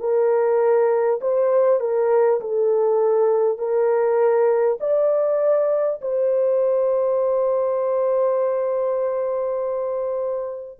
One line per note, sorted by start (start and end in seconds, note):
0.00 1.20 A#4
1.21 1.80 C5
1.80 2.40 A#4
2.41 3.58 A4
3.58 4.78 A#4
4.81 6.01 D5
6.02 10.79 C5